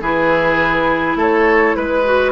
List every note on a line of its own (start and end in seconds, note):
0.00 1.15 E3
0.00 2.04 E4
0.00 1.17 G#4
0.00 1.18 B4
1.15 1.73 A3
1.15 1.75 A4
1.15 1.75 C#5
1.75 2.32 G#3
1.75 2.32 B4
2.04 2.32 F#4